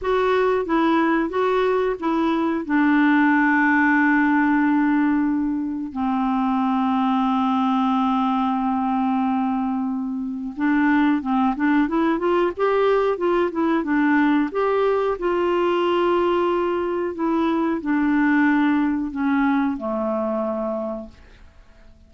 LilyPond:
\new Staff \with { instrumentName = "clarinet" } { \time 4/4 \tempo 4 = 91 fis'4 e'4 fis'4 e'4 | d'1~ | d'4 c'2.~ | c'1 |
d'4 c'8 d'8 e'8 f'8 g'4 | f'8 e'8 d'4 g'4 f'4~ | f'2 e'4 d'4~ | d'4 cis'4 a2 | }